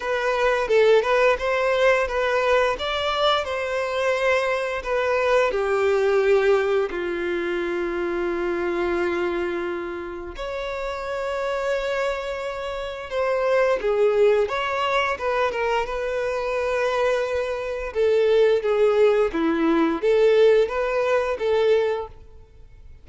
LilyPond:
\new Staff \with { instrumentName = "violin" } { \time 4/4 \tempo 4 = 87 b'4 a'8 b'8 c''4 b'4 | d''4 c''2 b'4 | g'2 f'2~ | f'2. cis''4~ |
cis''2. c''4 | gis'4 cis''4 b'8 ais'8 b'4~ | b'2 a'4 gis'4 | e'4 a'4 b'4 a'4 | }